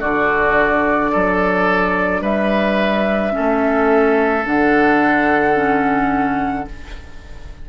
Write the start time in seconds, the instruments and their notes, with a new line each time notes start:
0.00 bassoon D3, clarinet D4, oboe F#4, flute D5
1.12 bassoon F#3, oboe A4
2.21 bassoon G3, oboe B4, flute E5
3.31 clarinet C#4, oboe A4
3.38 bassoon A3
4.45 bassoon D3, clarinet D4, flute F#5
5.54 clarinet C#4